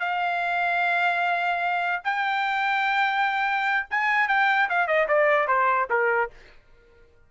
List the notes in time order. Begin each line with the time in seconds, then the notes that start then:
0.00 F5
2.04 G5
3.91 G#5
4.29 G5
4.70 F5
4.88 D#5
5.09 D5
5.48 C5
5.90 A#4